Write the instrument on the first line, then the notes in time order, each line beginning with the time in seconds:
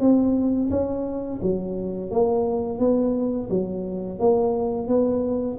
tuba
0.00 C4
0.70 C#4
1.42 F#3
2.11 A#3
2.79 B3
3.49 F#3
4.19 A#3
4.88 B3